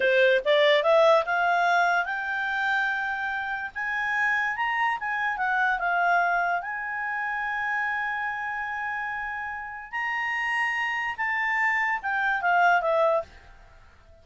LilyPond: \new Staff \with { instrumentName = "clarinet" } { \time 4/4 \tempo 4 = 145 c''4 d''4 e''4 f''4~ | f''4 g''2.~ | g''4 gis''2 ais''4 | gis''4 fis''4 f''2 |
gis''1~ | gis''1 | ais''2. a''4~ | a''4 g''4 f''4 e''4 | }